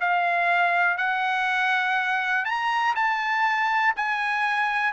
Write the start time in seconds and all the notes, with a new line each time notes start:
0.00 F5
0.98 F#5
2.45 A#5
2.95 A5
3.96 G#5